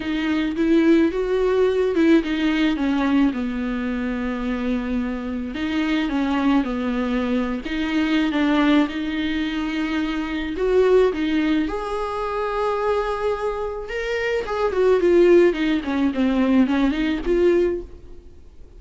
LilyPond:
\new Staff \with { instrumentName = "viola" } { \time 4/4 \tempo 4 = 108 dis'4 e'4 fis'4. e'8 | dis'4 cis'4 b2~ | b2 dis'4 cis'4 | b4.~ b16 dis'4~ dis'16 d'4 |
dis'2. fis'4 | dis'4 gis'2.~ | gis'4 ais'4 gis'8 fis'8 f'4 | dis'8 cis'8 c'4 cis'8 dis'8 f'4 | }